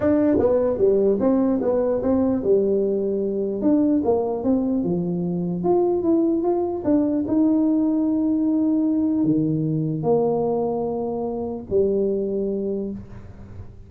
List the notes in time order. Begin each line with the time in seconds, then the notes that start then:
0.00 D4
0.38 B3
0.78 G3
1.20 C4
1.61 B3
2.02 C4
2.43 G3
3.61 D4
4.04 A#3
4.43 C4
4.83 F3
5.63 F4
6.03 E4
6.42 F4
6.84 D4
7.27 D#4
9.23 D#3
10.02 A#3
11.69 G3